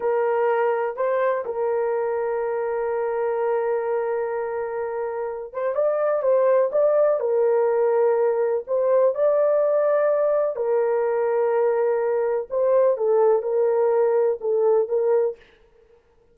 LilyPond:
\new Staff \with { instrumentName = "horn" } { \time 4/4 \tempo 4 = 125 ais'2 c''4 ais'4~ | ais'1~ | ais'2.~ ais'8 c''8 | d''4 c''4 d''4 ais'4~ |
ais'2 c''4 d''4~ | d''2 ais'2~ | ais'2 c''4 a'4 | ais'2 a'4 ais'4 | }